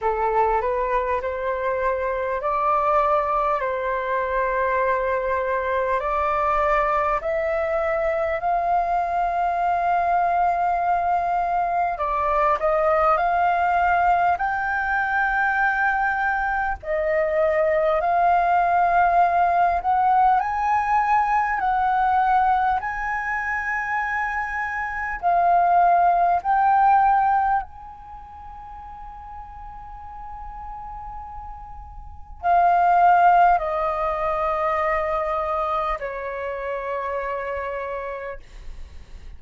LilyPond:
\new Staff \with { instrumentName = "flute" } { \time 4/4 \tempo 4 = 50 a'8 b'8 c''4 d''4 c''4~ | c''4 d''4 e''4 f''4~ | f''2 d''8 dis''8 f''4 | g''2 dis''4 f''4~ |
f''8 fis''8 gis''4 fis''4 gis''4~ | gis''4 f''4 g''4 gis''4~ | gis''2. f''4 | dis''2 cis''2 | }